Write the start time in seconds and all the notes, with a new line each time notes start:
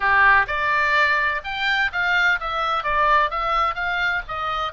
0.00 G4
0.47 D5
1.43 G5
1.92 F5
2.40 E5
2.83 D5
3.30 E5
3.75 F5
4.28 D#5